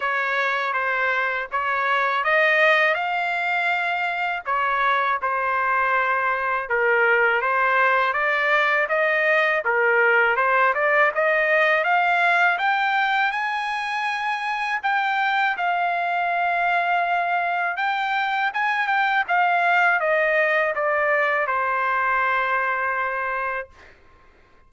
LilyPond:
\new Staff \with { instrumentName = "trumpet" } { \time 4/4 \tempo 4 = 81 cis''4 c''4 cis''4 dis''4 | f''2 cis''4 c''4~ | c''4 ais'4 c''4 d''4 | dis''4 ais'4 c''8 d''8 dis''4 |
f''4 g''4 gis''2 | g''4 f''2. | g''4 gis''8 g''8 f''4 dis''4 | d''4 c''2. | }